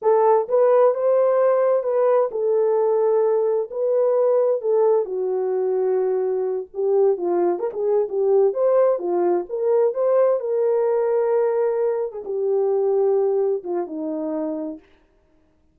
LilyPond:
\new Staff \with { instrumentName = "horn" } { \time 4/4 \tempo 4 = 130 a'4 b'4 c''2 | b'4 a'2. | b'2 a'4 fis'4~ | fis'2~ fis'8 g'4 f'8~ |
f'8 ais'16 gis'8. g'4 c''4 f'8~ | f'8 ais'4 c''4 ais'4.~ | ais'2~ ais'16 gis'16 g'4.~ | g'4. f'8 dis'2 | }